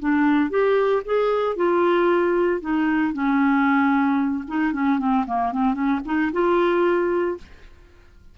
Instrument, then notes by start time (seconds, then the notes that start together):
clarinet
0.00 D4
0.50 G4
1.06 G#4
1.56 F4
2.61 D#4
3.13 C#4
4.48 D#4
4.73 C#4
4.99 C4
5.27 A#3
5.52 C4
5.74 C#4
6.06 D#4
6.33 F4